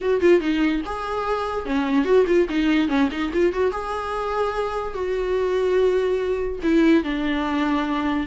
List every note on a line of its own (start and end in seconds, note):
0.01 0.20 F#4
0.20 0.40 F4
0.40 0.81 D#4
0.85 1.65 G#4
1.65 2.04 C#4
2.04 2.25 F#4
2.26 2.47 F4
2.49 2.88 D#4
2.88 3.09 C#4
3.11 3.31 D#4
3.33 3.52 F4
3.52 3.71 F#4
3.71 4.94 G#4
4.94 6.59 F#4
6.62 7.03 E4
7.03 8.27 D4